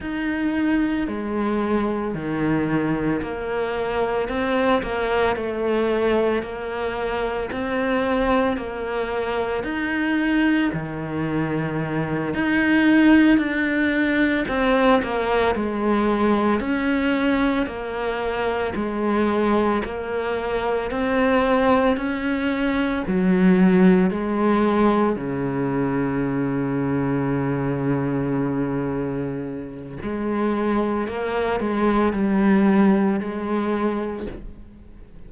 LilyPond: \new Staff \with { instrumentName = "cello" } { \time 4/4 \tempo 4 = 56 dis'4 gis4 dis4 ais4 | c'8 ais8 a4 ais4 c'4 | ais4 dis'4 dis4. dis'8~ | dis'8 d'4 c'8 ais8 gis4 cis'8~ |
cis'8 ais4 gis4 ais4 c'8~ | c'8 cis'4 fis4 gis4 cis8~ | cis1 | gis4 ais8 gis8 g4 gis4 | }